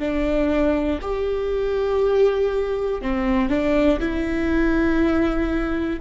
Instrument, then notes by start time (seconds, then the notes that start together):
viola
0.00 D4
1.02 G4
3.02 C4
3.50 D4
4.00 E4